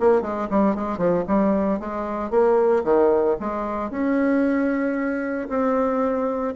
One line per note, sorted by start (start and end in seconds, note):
0.00 0.22 A#3
0.22 0.48 G#3
0.50 0.75 G3
0.75 0.98 G#3
0.98 1.24 F3
1.28 1.80 G3
1.80 2.30 G#3
2.30 2.83 A#3
2.84 3.37 D#3
3.40 3.90 G#3
3.90 5.48 C#4
5.49 6.54 C4